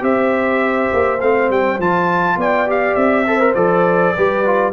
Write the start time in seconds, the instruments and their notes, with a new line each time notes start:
0.00 tuba C4, trombone G4, horn C5, trumpet E5
0.92 tuba A#3
1.20 tuba A3, trombone C4, trumpet F5
1.49 tuba G3, trumpet G5
1.78 tuba F3, trombone F4, trumpet A5
2.36 tuba B3, horn D5, trumpet G5
2.66 trombone G4, trumpet F5
2.94 tuba C4, trumpet E5
3.27 trombone A4, horn C5
3.40 trombone A#4
3.54 tuba F3, trombone A4, trumpet D5
4.16 tuba G3, trombone G4, horn B4
4.45 trombone F4